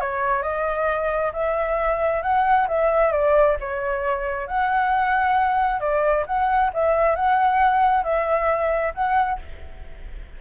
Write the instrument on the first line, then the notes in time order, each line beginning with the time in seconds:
flute
0.00 C#5
0.42 D#5
1.33 E5
2.22 F#5
2.68 E5
3.12 D5
3.60 C#5
4.47 F#5
5.80 D5
6.26 F#5
6.73 E5
7.16 F#5
8.03 E5
8.94 F#5